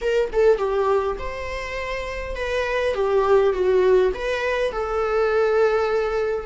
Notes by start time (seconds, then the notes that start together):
0.01 A#4
0.32 A4
0.57 G4
1.18 C5
2.35 B4
2.94 G4
3.53 F#4
4.14 B4
4.72 A4